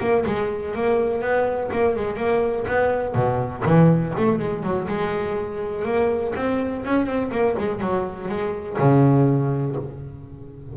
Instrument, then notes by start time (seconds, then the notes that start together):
double bass
0.00 A#3
0.26 G#3
0.75 A#3
1.21 B3
1.72 A#3
1.96 G#3
2.16 A#3
2.67 B3
3.14 B2
3.65 E3
4.17 A3
4.39 G#3
4.63 F#3
4.88 G#3
5.84 A#3
6.35 C4
6.85 C#4
7.06 C4
7.31 A#3
7.59 G#3
7.80 F#3
8.28 G#3
8.78 C#3